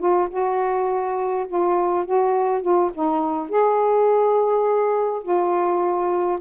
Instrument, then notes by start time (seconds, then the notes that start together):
saxophone
0.00 F4
0.30 F#4
1.48 F4
2.06 F#4
2.62 F4
2.94 D#4
3.50 G#4
5.23 F4